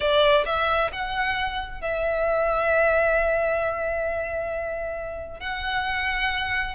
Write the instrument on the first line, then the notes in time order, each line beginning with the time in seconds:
violin
0.00 D5
0.45 E5
0.92 F#5
1.81 E5
5.40 F#5